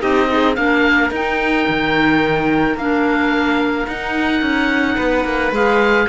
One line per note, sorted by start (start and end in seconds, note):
0.00 0.57 C4
0.00 0.28 D#4
0.00 0.28 G4
0.00 0.56 D#5
0.29 0.56 D#4
0.29 0.57 G#4
0.56 1.11 A#3
0.56 1.12 D4
0.56 4.96 A#4
0.56 1.11 F5
1.11 1.66 D#4
1.11 2.79 D#4
1.11 2.78 G5
1.68 2.76 D#3
2.76 3.86 A#3
2.76 3.88 D4
2.76 3.87 F5
3.87 4.41 D#4
3.87 5.53 D#4
3.87 5.52 F#5
4.41 4.96 C#4
4.96 5.24 B3
4.96 6.06 B4
5.24 5.51 A#3
5.51 6.06 G#3
5.51 6.08 G#4
5.51 6.08 F5